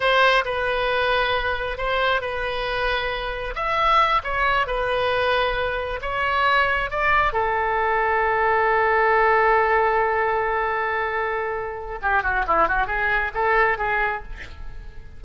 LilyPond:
\new Staff \with { instrumentName = "oboe" } { \time 4/4 \tempo 4 = 135 c''4 b'2. | c''4 b'2. | e''4. cis''4 b'4.~ | b'4. cis''2 d''8~ |
d''8 a'2.~ a'8~ | a'1~ | a'2. g'8 fis'8 | e'8 fis'8 gis'4 a'4 gis'4 | }